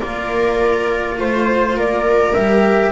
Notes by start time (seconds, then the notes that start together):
0.00 A#3 F4 A#4 D5
1.19 A3 C5
1.76 A#3 A#4 D5
2.34 G3 G4 E5